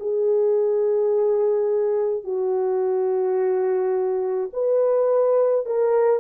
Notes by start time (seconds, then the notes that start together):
0.00 G#4
2.24 F#4
4.53 B4
5.66 A#4